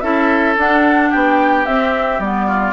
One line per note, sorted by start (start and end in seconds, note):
0.00 0.56 C#4
0.00 0.56 E4
0.00 1.10 A4
0.00 0.55 E5
0.57 1.11 D4
0.57 1.67 D4
0.57 1.11 F#5
1.10 1.66 B3
1.10 2.46 G4
1.10 1.65 G5
1.65 2.19 C4
1.65 2.22 C4
1.65 2.20 E5
2.19 2.73 G3
2.19 2.73 B3
2.19 2.73 D5
2.47 2.73 F4